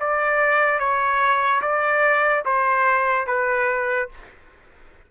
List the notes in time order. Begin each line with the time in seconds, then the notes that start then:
0.00 D5
0.79 C#5
1.62 D5
2.45 C5
3.27 B4